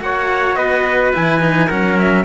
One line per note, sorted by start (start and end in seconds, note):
0.00 0.56 A#3
0.00 1.13 F#4
0.00 0.58 C#5
0.00 0.55 F#5
0.55 1.13 B3
0.55 1.67 B4
0.55 1.12 D#5
1.13 1.71 E3
1.13 1.40 E4
1.13 1.69 G#5
1.40 1.68 D#4
1.67 2.25 F#3
1.67 2.25 C#4
1.67 2.23 A#4
1.67 1.97 F#5
1.98 2.25 E5